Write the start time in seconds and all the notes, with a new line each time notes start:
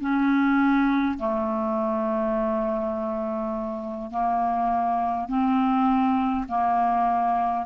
0.00 C#4
1.18 A3
4.11 A#3
5.28 C4
6.48 A#3